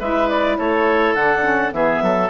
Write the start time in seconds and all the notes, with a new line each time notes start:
0.00 G#3 E4 B4 E5
0.29 D5
0.58 A3 A4 C#5
1.15 D3 D4 F#5
1.43 C#4
1.72 E3 B3 G#4 E5
2.02 F#3 A4